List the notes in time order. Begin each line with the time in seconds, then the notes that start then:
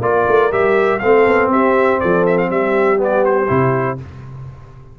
0.00 A#3 F4 A#4 D5
0.28 A3
0.52 G3 G4 E5
0.99 A3 C4 F5
1.05 A4
1.27 B3
1.48 C4 G4 E5
2.00 F3 A4 D5
2.26 E5
2.38 F5
2.48 G3 G4 E5
2.97 B3
3.04 D5
3.25 C5
3.48 C3 E4